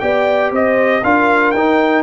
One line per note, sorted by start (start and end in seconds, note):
0.00 0.51 B3
0.00 1.03 G4
0.00 0.53 D5
0.00 0.51 G5
0.51 1.02 C4
0.51 1.04 C5
0.51 1.04 D#5
1.04 1.54 D4
1.04 1.55 F4
1.04 2.03 A#4
1.04 1.51 F5
1.51 2.03 D#4
1.51 2.02 G5